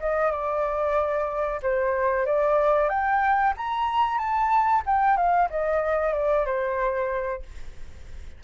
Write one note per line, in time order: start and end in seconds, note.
0.00 0.31 D#5
0.31 1.60 D5
1.62 2.26 C5
2.26 2.89 D5
2.89 3.53 G5
3.57 4.18 A#5
4.18 4.82 A5
4.86 5.17 G5
5.17 5.49 F5
5.50 6.13 D#5
6.13 6.45 D5
6.46 7.43 C5